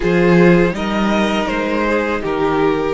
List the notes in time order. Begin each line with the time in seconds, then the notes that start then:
0.00 F3 F4 G#4 C5
0.72 G3 D#4 A#4 D#5
1.47 G#3 C5
1.87 G#4
2.22 D#3 G4 A#4